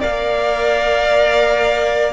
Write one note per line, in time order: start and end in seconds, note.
0.00 2.13 A#3
0.00 2.13 A#4
0.00 2.13 D5
0.00 2.13 F5